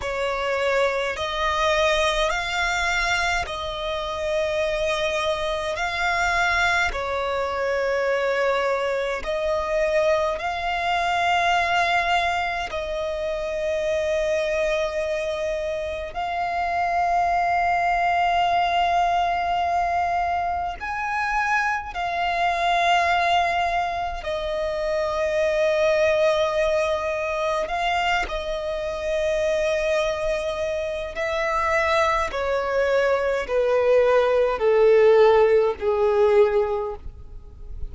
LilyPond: \new Staff \with { instrumentName = "violin" } { \time 4/4 \tempo 4 = 52 cis''4 dis''4 f''4 dis''4~ | dis''4 f''4 cis''2 | dis''4 f''2 dis''4~ | dis''2 f''2~ |
f''2 gis''4 f''4~ | f''4 dis''2. | f''8 dis''2~ dis''8 e''4 | cis''4 b'4 a'4 gis'4 | }